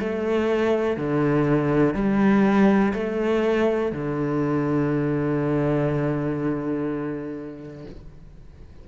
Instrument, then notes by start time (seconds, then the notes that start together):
cello
0.00 A3
0.97 D3
1.95 G3
2.94 A3
3.93 D3